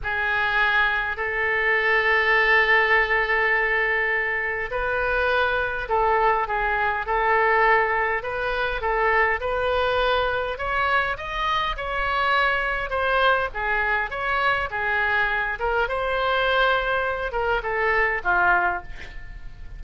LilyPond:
\new Staff \with { instrumentName = "oboe" } { \time 4/4 \tempo 4 = 102 gis'2 a'2~ | a'1 | b'2 a'4 gis'4 | a'2 b'4 a'4 |
b'2 cis''4 dis''4 | cis''2 c''4 gis'4 | cis''4 gis'4. ais'8 c''4~ | c''4. ais'8 a'4 f'4 | }